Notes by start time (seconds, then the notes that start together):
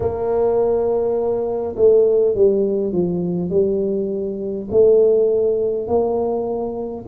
0.00 A#3
1.76 A3
2.35 G3
2.92 F3
3.50 G3
4.71 A3
5.87 A#3